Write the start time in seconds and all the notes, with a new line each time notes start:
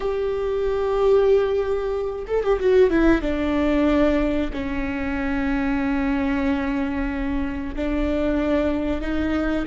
0.00 G4
2.27 A4
2.43 G4
2.59 F#4
2.90 E4
3.21 D4
4.52 C#4
7.75 D4
9.01 D#4